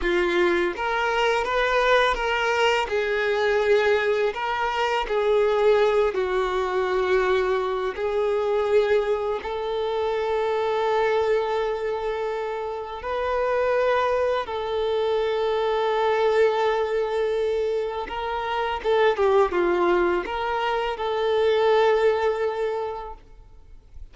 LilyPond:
\new Staff \with { instrumentName = "violin" } { \time 4/4 \tempo 4 = 83 f'4 ais'4 b'4 ais'4 | gis'2 ais'4 gis'4~ | gis'8 fis'2~ fis'8 gis'4~ | gis'4 a'2.~ |
a'2 b'2 | a'1~ | a'4 ais'4 a'8 g'8 f'4 | ais'4 a'2. | }